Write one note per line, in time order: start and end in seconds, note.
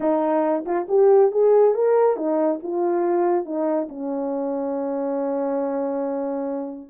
0.00 0.64 D#4
0.65 0.87 F4
0.88 1.31 G4
1.31 1.74 G#4
1.74 2.16 A#4
2.16 2.59 D#4
2.62 3.45 F4
3.45 3.88 D#4
3.88 6.89 C#4